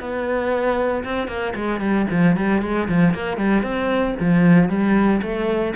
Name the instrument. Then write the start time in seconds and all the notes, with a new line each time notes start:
cello
0.00 B3
1.04 C4
1.28 A#3
1.55 G#3
1.80 G3
2.10 F3
2.36 G3
2.62 G#3
2.89 F3
3.14 A#3
3.37 G3
3.63 C4
4.20 F3
4.69 G3
5.22 A3